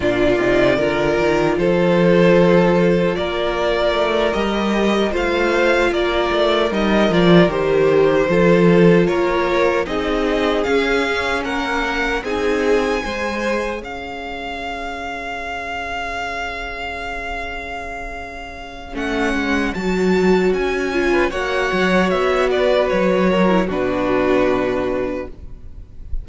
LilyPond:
<<
  \new Staff \with { instrumentName = "violin" } { \time 4/4 \tempo 4 = 76 d''2 c''2 | d''4. dis''4 f''4 d''8~ | d''8 dis''8 d''8 c''2 cis''8~ | cis''8 dis''4 f''4 fis''4 gis''8~ |
gis''4. f''2~ f''8~ | f''1 | fis''4 a''4 gis''4 fis''4 | e''8 d''8 cis''4 b'2 | }
  \new Staff \with { instrumentName = "violin" } { \time 4/4 f'4 ais'4 a'2 | ais'2~ ais'8 c''4 ais'8~ | ais'2~ ais'8 a'4 ais'8~ | ais'8 gis'2 ais'4 gis'8~ |
gis'8 c''4 cis''2~ cis''8~ | cis''1~ | cis''2~ cis''8. b'16 cis''4~ | cis''8 b'4 ais'8 fis'2 | }
  \new Staff \with { instrumentName = "viola" } { \time 4/4 d'8 dis'8 f'2.~ | f'4. g'4 f'4.~ | f'8 dis'8 f'8 g'4 f'4.~ | f'8 dis'4 cis'2 dis'8~ |
dis'8 gis'2.~ gis'8~ | gis'1 | cis'4 fis'4. f'8 fis'4~ | fis'4.~ fis'16 e'16 d'2 | }
  \new Staff \with { instrumentName = "cello" } { \time 4/4 ais,8 c8 d8 dis8 f2 | ais4 a8 g4 a4 ais8 | a8 g8 f8 dis4 f4 ais8~ | ais8 c'4 cis'4 ais4 c'8~ |
c'8 gis4 cis'2~ cis'8~ | cis'1 | a8 gis8 fis4 cis'4 ais8 fis8 | b4 fis4 b,2 | }
>>